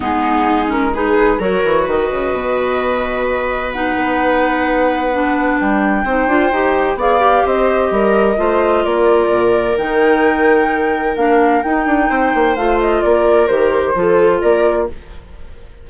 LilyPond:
<<
  \new Staff \with { instrumentName = "flute" } { \time 4/4 \tempo 4 = 129 gis'4. ais'8 b'4 cis''4 | dis''1 | fis''1 | g''2. f''4 |
dis''2. d''4~ | d''4 g''2. | f''4 g''2 f''8 dis''8 | d''4 c''2 d''4 | }
  \new Staff \with { instrumentName = "viola" } { \time 4/4 dis'2 gis'4 ais'4 | b'1~ | b'1~ | b'4 c''2 d''4 |
c''4 ais'4 c''4 ais'4~ | ais'1~ | ais'2 c''2 | ais'2 a'4 ais'4 | }
  \new Staff \with { instrumentName = "clarinet" } { \time 4/4 b4. cis'8 dis'4 fis'4~ | fis'1 | dis'2. d'4~ | d'4 dis'8 f'8 g'4 gis'8 g'8~ |
g'2 f'2~ | f'4 dis'2. | d'4 dis'2 f'4~ | f'4 g'4 f'2 | }
  \new Staff \with { instrumentName = "bassoon" } { \time 4/4 gis2. fis8 e8 | dis8 cis8 b,2.~ | b,8 b2.~ b8 | g4 c'8 d'8 dis'4 b4 |
c'4 g4 a4 ais4 | ais,4 dis2. | ais4 dis'8 d'8 c'8 ais8 a4 | ais4 dis4 f4 ais4 | }
>>